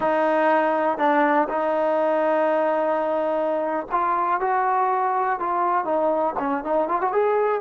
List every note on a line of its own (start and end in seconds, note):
0.00 0.98 D#4
0.98 1.48 D4
1.49 3.86 D#4
3.91 4.40 F4
4.40 5.39 F#4
5.39 5.85 F4
5.85 6.35 D#4
6.38 6.63 C#4
6.63 6.88 D#4
6.88 7.01 F4
7.01 7.12 F#4
7.12 7.61 G#4